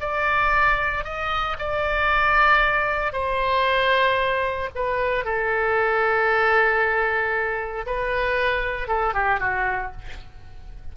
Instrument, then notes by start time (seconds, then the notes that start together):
oboe
0.00 D5
1.04 D#5
1.58 D5
3.13 C5
4.75 B4
5.24 A4
7.86 B4
8.87 A4
9.14 G4
9.39 F#4